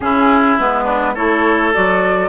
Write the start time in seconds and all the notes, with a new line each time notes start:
0.00 C#3 C#4 E4 G#4
0.58 G#3 B3 B4
0.84 D4
1.14 A3 E4 A4 C#5
1.73 F#3 F#4 D5